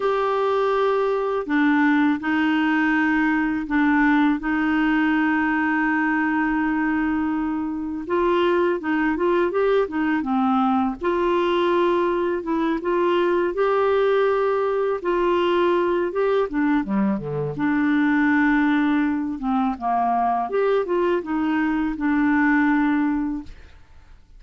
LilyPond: \new Staff \with { instrumentName = "clarinet" } { \time 4/4 \tempo 4 = 82 g'2 d'4 dis'4~ | dis'4 d'4 dis'2~ | dis'2. f'4 | dis'8 f'8 g'8 dis'8 c'4 f'4~ |
f'4 e'8 f'4 g'4.~ | g'8 f'4. g'8 d'8 g8 d8 | d'2~ d'8 c'8 ais4 | g'8 f'8 dis'4 d'2 | }